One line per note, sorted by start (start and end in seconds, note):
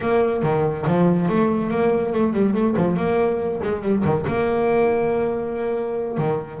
0.00 0.43 A#3
0.43 0.85 D#3
0.87 1.28 F3
1.28 1.70 A3
1.70 2.12 A#3
2.12 2.33 A3
2.33 2.54 G3
2.54 2.75 A3
2.76 2.96 F3
2.96 3.60 A#3
3.62 3.82 G#3
3.82 4.03 G3
4.04 4.25 D#3
4.27 6.17 A#3
6.17 6.60 D#3